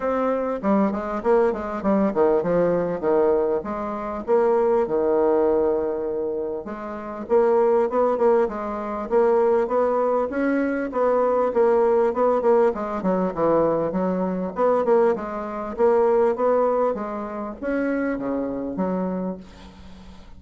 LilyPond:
\new Staff \with { instrumentName = "bassoon" } { \time 4/4 \tempo 4 = 99 c'4 g8 gis8 ais8 gis8 g8 dis8 | f4 dis4 gis4 ais4 | dis2. gis4 | ais4 b8 ais8 gis4 ais4 |
b4 cis'4 b4 ais4 | b8 ais8 gis8 fis8 e4 fis4 | b8 ais8 gis4 ais4 b4 | gis4 cis'4 cis4 fis4 | }